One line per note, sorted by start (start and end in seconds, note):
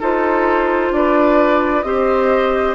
0.00 0.92 D#4
0.00 1.85 F4
0.00 0.92 A4
0.00 0.94 C5
0.92 1.84 D4
0.92 1.86 B4
0.92 1.83 D5
1.83 2.75 C4
1.83 2.75 G4
1.83 2.75 C5
1.83 2.75 D#5